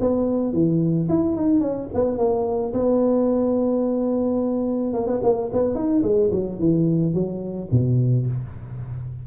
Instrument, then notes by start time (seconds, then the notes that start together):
tuba
0.00 B3
0.53 E3
1.09 E4
1.36 D#4
1.60 C#4
1.94 B3
2.17 A#3
2.73 B3
4.93 A#3
5.06 B3
5.23 A#3
5.52 B3
5.74 D#4
6.02 G#3
6.31 F#3
6.58 E3
7.13 F#3
7.71 B2